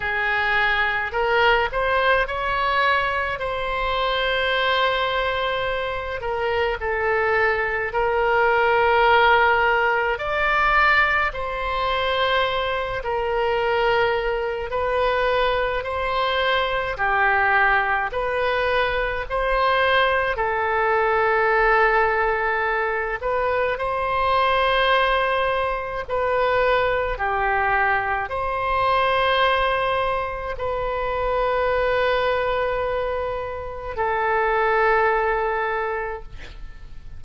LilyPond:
\new Staff \with { instrumentName = "oboe" } { \time 4/4 \tempo 4 = 53 gis'4 ais'8 c''8 cis''4 c''4~ | c''4. ais'8 a'4 ais'4~ | ais'4 d''4 c''4. ais'8~ | ais'4 b'4 c''4 g'4 |
b'4 c''4 a'2~ | a'8 b'8 c''2 b'4 | g'4 c''2 b'4~ | b'2 a'2 | }